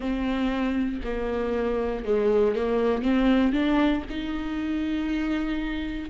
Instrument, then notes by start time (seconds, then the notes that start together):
viola
0.00 C4
1.04 A#3
2.04 G#3
2.55 A#3
3.02 C4
3.52 D4
4.09 D#4